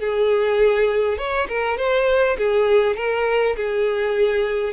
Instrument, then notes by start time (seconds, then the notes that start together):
violin
0.00 G#4
1.18 C#5
1.49 A#4
1.78 C5
2.38 G#4
2.97 A#4
3.57 G#4